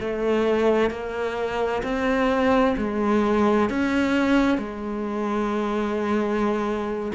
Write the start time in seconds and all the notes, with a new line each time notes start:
0.00 A3
0.90 A#3
1.83 C4
2.77 G#3
3.70 C#4
4.58 G#3